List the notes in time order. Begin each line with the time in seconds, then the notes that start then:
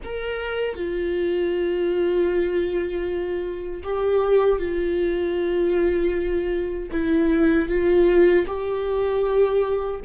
0.03 A#4
0.75 F4
3.83 G4
4.58 F4
6.91 E4
7.68 F4
8.46 G4